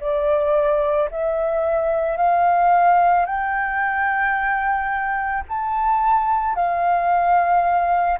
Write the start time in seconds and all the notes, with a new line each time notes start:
0.00 D5
1.11 E5
2.17 F5
3.25 G5
5.48 A5
6.56 F5